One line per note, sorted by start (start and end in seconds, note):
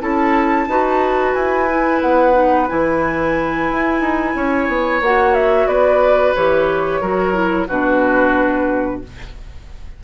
0.00 0.67 C#4
0.00 0.67 E4
0.00 0.69 A4
0.00 1.33 A5
0.67 1.34 D#4
0.67 1.68 F#4
0.67 4.36 B4
1.33 2.01 E4
1.33 2.00 G#5
1.68 2.33 E4
2.01 2.69 B3
2.01 2.67 F#5
2.33 2.66 D#4
2.68 3.70 E3
2.68 5.02 E4
2.68 5.02 G#5
3.70 4.00 E4
4.00 4.33 D#4
4.35 4.68 C#4
4.35 5.68 C#5
4.68 5.01 B3
5.01 5.66 A#3
5.01 6.36 F#4
5.01 5.34 F#5
5.34 5.67 E5
5.66 6.33 B3
5.66 7.01 B4
5.66 6.33 D5
6.35 7.01 E3
6.35 7.02 G4
6.35 7.68 C#5
7.01 7.67 F#3
7.01 7.33 F#4
7.01 7.67 A#4
7.33 7.66 E4
7.67 9.02 B2
7.67 9.03 D4
7.67 9.01 F#4
7.67 9.02 B4